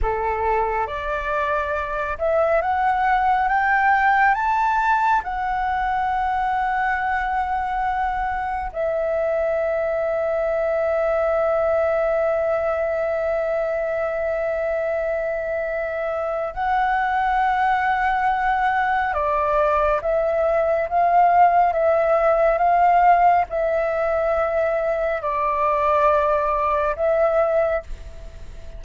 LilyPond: \new Staff \with { instrumentName = "flute" } { \time 4/4 \tempo 4 = 69 a'4 d''4. e''8 fis''4 | g''4 a''4 fis''2~ | fis''2 e''2~ | e''1~ |
e''2. fis''4~ | fis''2 d''4 e''4 | f''4 e''4 f''4 e''4~ | e''4 d''2 e''4 | }